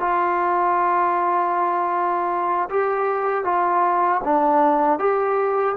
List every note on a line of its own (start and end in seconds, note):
0.00 2.69 F4
2.70 3.44 G4
3.44 4.21 F4
4.24 4.99 D4
4.99 5.76 G4